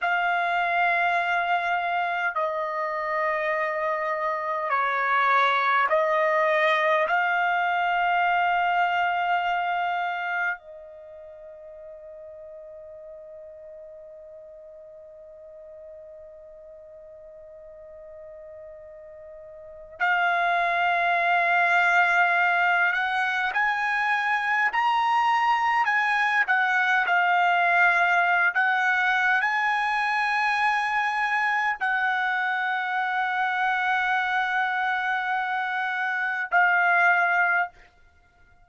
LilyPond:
\new Staff \with { instrumentName = "trumpet" } { \time 4/4 \tempo 4 = 51 f''2 dis''2 | cis''4 dis''4 f''2~ | f''4 dis''2.~ | dis''1~ |
dis''4 f''2~ f''8 fis''8 | gis''4 ais''4 gis''8 fis''8 f''4~ | f''16 fis''8. gis''2 fis''4~ | fis''2. f''4 | }